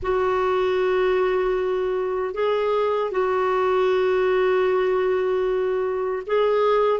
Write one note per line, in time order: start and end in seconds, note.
0.02 2.33 F#4
2.33 3.11 G#4
3.11 6.22 F#4
6.26 7.00 G#4